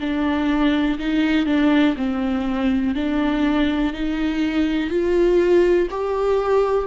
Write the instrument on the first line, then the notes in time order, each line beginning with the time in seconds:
viola
0.00 D4
0.99 D#4
1.47 D4
1.97 C4
2.95 D4
3.93 D#4
4.90 F4
5.91 G4